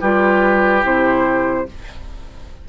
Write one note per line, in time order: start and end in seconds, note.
0.00 0.84 G3
0.00 0.83 F4
0.00 1.67 G4
0.00 0.84 B4
0.83 1.67 C3
0.83 1.66 E4
0.83 1.69 C5